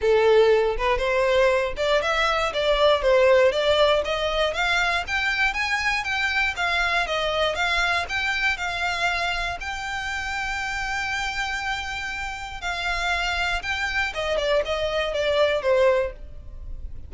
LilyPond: \new Staff \with { instrumentName = "violin" } { \time 4/4 \tempo 4 = 119 a'4. b'8 c''4. d''8 | e''4 d''4 c''4 d''4 | dis''4 f''4 g''4 gis''4 | g''4 f''4 dis''4 f''4 |
g''4 f''2 g''4~ | g''1~ | g''4 f''2 g''4 | dis''8 d''8 dis''4 d''4 c''4 | }